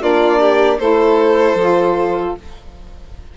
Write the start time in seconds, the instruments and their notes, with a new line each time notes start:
0.00 bassoon A#3, saxophone D4, violin F4 D5
0.39 violin G4
0.79 bassoon A3, saxophone E4, violin A4 C5
1.54 bassoon F3, saxophone F4